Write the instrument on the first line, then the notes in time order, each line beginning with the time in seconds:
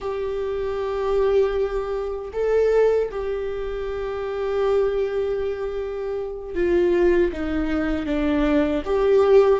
viola
0.00 G4
2.32 A4
3.10 G4
6.54 F4
7.32 D#4
8.06 D4
8.85 G4